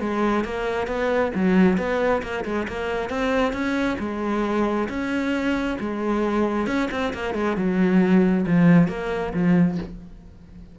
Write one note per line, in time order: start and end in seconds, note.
0.00 0.44 G#3
0.45 0.87 A#3
0.87 1.32 B3
1.35 1.78 F#3
1.78 2.22 B3
2.22 2.45 A#3
2.45 2.67 G#3
2.68 3.10 A#3
3.10 3.53 C4
3.53 3.97 C#4
4.00 4.88 G#3
4.89 5.78 C#4
5.80 6.67 G#3
6.67 6.89 C#4
6.91 7.13 C4
7.14 7.35 A#3
7.35 7.57 G#3
7.57 8.45 F#3
8.46 8.88 F3
8.88 9.33 A#3
9.34 9.78 F3